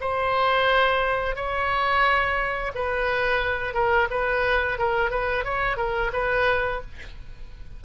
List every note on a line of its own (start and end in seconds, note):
0.00 1.35 C5
1.35 2.72 C#5
2.75 3.73 B4
3.73 4.08 A#4
4.10 4.78 B4
4.78 5.10 A#4
5.10 5.44 B4
5.44 5.76 C#5
5.76 6.11 A#4
6.12 6.81 B4